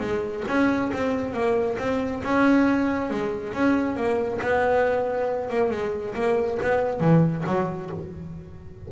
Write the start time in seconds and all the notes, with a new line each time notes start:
0.00 G#3
0.48 C#4
0.93 C4
1.33 A#3
1.79 C4
2.24 C#4
3.10 G#3
3.53 C#4
3.96 A#3
4.41 B3
5.50 A#3
5.71 G#3
6.15 A#3
6.62 B3
7.00 E3
7.47 F#3